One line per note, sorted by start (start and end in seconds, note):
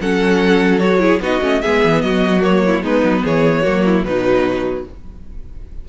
0.00 1.20 F#3
0.00 0.80 C#4
0.00 1.01 A4
0.00 0.79 F#5
0.79 0.99 F#4
0.79 1.20 C#5
0.99 1.20 E4
0.99 1.21 G#4
1.20 1.40 B3
1.20 1.42 D#4
1.20 1.62 F#4
1.20 1.61 D#5
1.41 1.62 A3
1.41 1.62 C#4
1.61 1.85 G#3
1.61 2.41 B3
1.61 2.03 G#4
1.61 2.01 E5
1.85 2.03 E3
2.01 2.82 F#3
2.01 2.65 F#4
2.01 2.42 D#5
2.41 2.82 A#3
2.41 2.83 C#5
2.66 2.83 E4
2.82 3.02 G#3
2.82 3.64 B3
2.82 3.23 D#4
2.82 3.26 B4
3.03 3.23 F#3
3.24 3.66 E3
3.24 3.62 G#4
3.24 4.04 C#5
3.62 4.04 F#3
3.62 4.04 A#3
3.62 3.82 F#4
3.85 4.06 E4
4.04 4.85 B2
4.04 4.85 F#3
4.04 4.89 D#4
4.04 4.85 B4